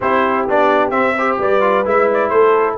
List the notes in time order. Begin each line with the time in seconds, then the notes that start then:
0.00 C4 E4 G4 C5
0.47 B3 D4 D5
0.90 C4 E5
1.15 G4 C5
1.38 G3 B4 D5
1.60 F4
1.85 G#3 E4 E5
2.13 D5
2.29 A3 A4 C5